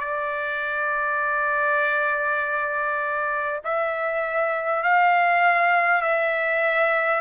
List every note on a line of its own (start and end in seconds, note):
0.00 3.60 D5
3.65 4.84 E5
4.84 6.02 F5
6.02 7.21 E5